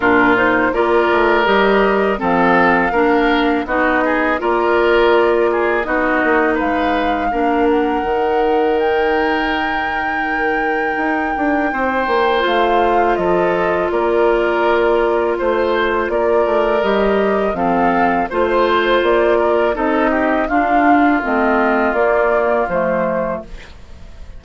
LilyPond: <<
  \new Staff \with { instrumentName = "flute" } { \time 4/4 \tempo 4 = 82 ais'8 c''8 d''4 dis''4 f''4~ | f''4 dis''4 d''2 | dis''4 f''4. fis''4. | g''1~ |
g''4 f''4 dis''4 d''4~ | d''4 c''4 d''4 dis''4 | f''4 c''4 d''4 dis''4 | f''4 dis''4 d''4 c''4 | }
  \new Staff \with { instrumentName = "oboe" } { \time 4/4 f'4 ais'2 a'4 | ais'4 fis'8 gis'8 ais'4. gis'8 | fis'4 b'4 ais'2~ | ais'1 |
c''2 a'4 ais'4~ | ais'4 c''4 ais'2 | a'4 c''4. ais'8 a'8 g'8 | f'1 | }
  \new Staff \with { instrumentName = "clarinet" } { \time 4/4 d'8 dis'8 f'4 g'4 c'4 | d'4 dis'4 f'2 | dis'2 d'4 dis'4~ | dis'1~ |
dis'4 f'2.~ | f'2. g'4 | c'4 f'2 dis'4 | d'4 c'4 ais4 a4 | }
  \new Staff \with { instrumentName = "bassoon" } { \time 4/4 ais,4 ais8 a8 g4 f4 | ais4 b4 ais2 | b8 ais8 gis4 ais4 dis4~ | dis2. dis'8 d'8 |
c'8 ais8 a4 f4 ais4~ | ais4 a4 ais8 a8 g4 | f4 a4 ais4 c'4 | d'4 a4 ais4 f4 | }
>>